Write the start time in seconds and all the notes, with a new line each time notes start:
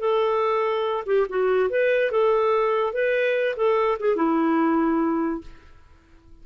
0.00 A4
1.06 G4
1.29 F#4
1.70 B4
2.11 A4
2.93 B4
3.56 A4
4.00 G#4
4.16 E4